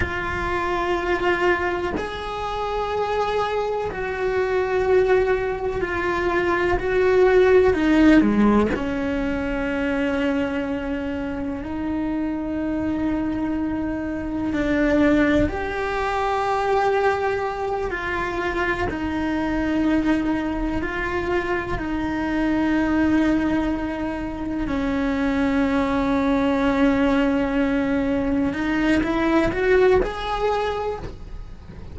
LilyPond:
\new Staff \with { instrumentName = "cello" } { \time 4/4 \tempo 4 = 62 f'2 gis'2 | fis'2 f'4 fis'4 | dis'8 gis8 cis'2. | dis'2. d'4 |
g'2~ g'8 f'4 dis'8~ | dis'4. f'4 dis'4.~ | dis'4. cis'2~ cis'8~ | cis'4. dis'8 e'8 fis'8 gis'4 | }